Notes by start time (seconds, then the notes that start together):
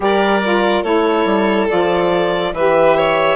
0.00 G3 G4 A#4 D5
0.43 F4
0.83 A3 E4 A4 C#5
1.25 G3
1.68 F3 F4 D5
2.53 E3 G4 B4 E5
2.96 C#5